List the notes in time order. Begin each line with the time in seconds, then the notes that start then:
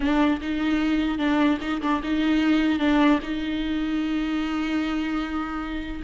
0.00 D4
0.41 D#4
1.18 D4
1.61 D#4
1.81 D4
2.03 D#4
2.79 D4
3.22 D#4